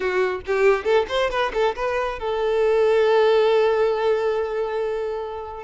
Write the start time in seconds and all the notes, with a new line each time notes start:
0.00 F#4
0.46 G4
0.84 A4
1.08 C5
1.30 B4
1.53 A4
1.75 B4
2.19 A4